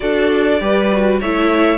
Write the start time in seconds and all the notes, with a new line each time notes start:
0.00 D4 F#4 A4 D5
0.58 G3 G4 B4
0.92 F#4
1.20 A3 E4 C#5 E5